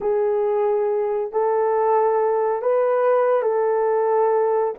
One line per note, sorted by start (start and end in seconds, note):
0.01 1.32 G#4
1.32 2.62 A4
2.62 3.42 B4
3.42 4.74 A4